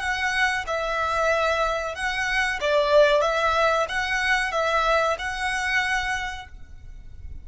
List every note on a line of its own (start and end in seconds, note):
0.00 0.65 F#5
0.67 1.95 E5
1.95 2.60 F#5
2.61 3.22 D5
3.22 3.86 E5
3.89 4.52 F#5
4.52 5.17 E5
5.19 6.48 F#5